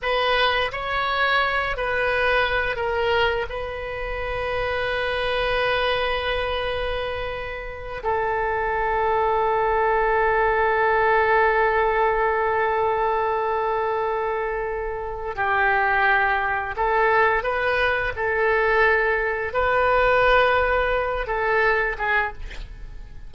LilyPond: \new Staff \with { instrumentName = "oboe" } { \time 4/4 \tempo 4 = 86 b'4 cis''4. b'4. | ais'4 b'2.~ | b'2.~ b'8 a'8~ | a'1~ |
a'1~ | a'2 g'2 | a'4 b'4 a'2 | b'2~ b'8 a'4 gis'8 | }